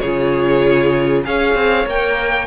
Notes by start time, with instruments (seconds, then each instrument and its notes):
0.00 cello C#3, viola F4, violin G#4 C#5
1.24 cello C#4, viola G#4, violin C#5 F5
1.55 cello C4
1.86 cello A#3, viola A#4, violin G5